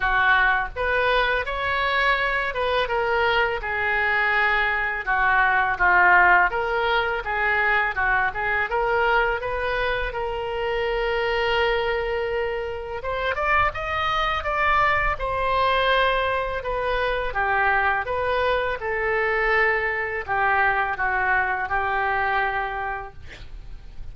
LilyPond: \new Staff \with { instrumentName = "oboe" } { \time 4/4 \tempo 4 = 83 fis'4 b'4 cis''4. b'8 | ais'4 gis'2 fis'4 | f'4 ais'4 gis'4 fis'8 gis'8 | ais'4 b'4 ais'2~ |
ais'2 c''8 d''8 dis''4 | d''4 c''2 b'4 | g'4 b'4 a'2 | g'4 fis'4 g'2 | }